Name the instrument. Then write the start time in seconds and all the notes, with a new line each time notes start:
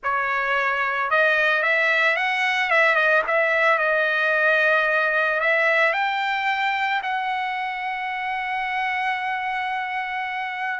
trumpet
0.03 C#5
1.10 D#5
1.62 E5
2.16 F#5
2.70 E5
2.95 D#5
3.27 E5
3.78 D#5
5.40 E5
5.93 G5
7.02 F#5